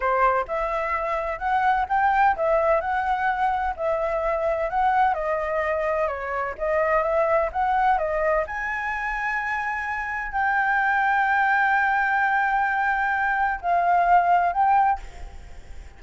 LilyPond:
\new Staff \with { instrumentName = "flute" } { \time 4/4 \tempo 4 = 128 c''4 e''2 fis''4 | g''4 e''4 fis''2 | e''2 fis''4 dis''4~ | dis''4 cis''4 dis''4 e''4 |
fis''4 dis''4 gis''2~ | gis''2 g''2~ | g''1~ | g''4 f''2 g''4 | }